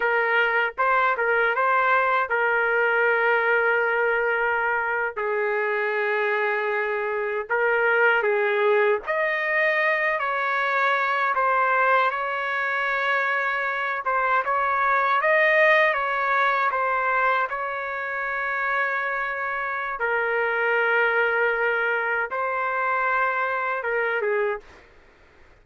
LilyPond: \new Staff \with { instrumentName = "trumpet" } { \time 4/4 \tempo 4 = 78 ais'4 c''8 ais'8 c''4 ais'4~ | ais'2~ ais'8. gis'4~ gis'16~ | gis'4.~ gis'16 ais'4 gis'4 dis''16~ | dis''4~ dis''16 cis''4. c''4 cis''16~ |
cis''2~ cis''16 c''8 cis''4 dis''16~ | dis''8. cis''4 c''4 cis''4~ cis''16~ | cis''2 ais'2~ | ais'4 c''2 ais'8 gis'8 | }